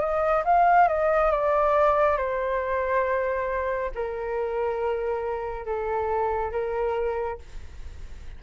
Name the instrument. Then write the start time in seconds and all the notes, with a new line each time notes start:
flute
0.00 D#5
0.45 F5
0.88 D#5
1.31 D5
2.17 C5
3.95 A#4
5.66 A4
6.52 A#4